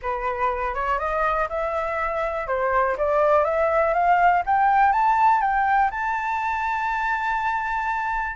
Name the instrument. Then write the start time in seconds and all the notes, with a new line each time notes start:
flute
0.02 B4
0.74 C#5
0.98 D#5
1.49 E5
2.47 C5
2.97 D5
3.44 E5
3.93 F5
4.46 G5
4.92 A5
5.41 G5
5.90 A5